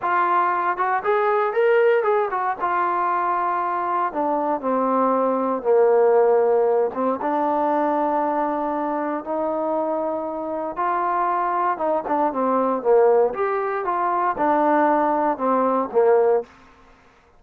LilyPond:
\new Staff \with { instrumentName = "trombone" } { \time 4/4 \tempo 4 = 117 f'4. fis'8 gis'4 ais'4 | gis'8 fis'8 f'2. | d'4 c'2 ais4~ | ais4. c'8 d'2~ |
d'2 dis'2~ | dis'4 f'2 dis'8 d'8 | c'4 ais4 g'4 f'4 | d'2 c'4 ais4 | }